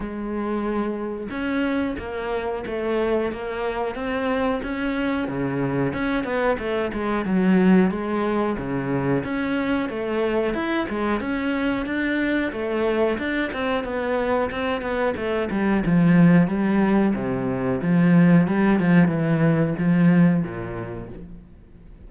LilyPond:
\new Staff \with { instrumentName = "cello" } { \time 4/4 \tempo 4 = 91 gis2 cis'4 ais4 | a4 ais4 c'4 cis'4 | cis4 cis'8 b8 a8 gis8 fis4 | gis4 cis4 cis'4 a4 |
e'8 gis8 cis'4 d'4 a4 | d'8 c'8 b4 c'8 b8 a8 g8 | f4 g4 c4 f4 | g8 f8 e4 f4 ais,4 | }